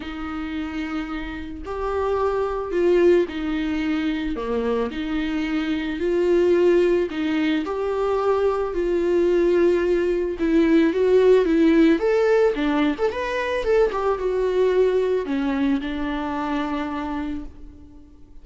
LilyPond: \new Staff \with { instrumentName = "viola" } { \time 4/4 \tempo 4 = 110 dis'2. g'4~ | g'4 f'4 dis'2 | ais4 dis'2 f'4~ | f'4 dis'4 g'2 |
f'2. e'4 | fis'4 e'4 a'4 d'8. a'16 | b'4 a'8 g'8 fis'2 | cis'4 d'2. | }